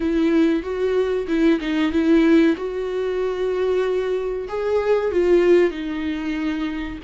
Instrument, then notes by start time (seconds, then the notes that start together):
viola
0.00 E4
0.62 F#4
1.27 E4
1.60 D#4
1.91 E4
2.56 F#4
4.48 G#4
5.11 F4
5.70 D#4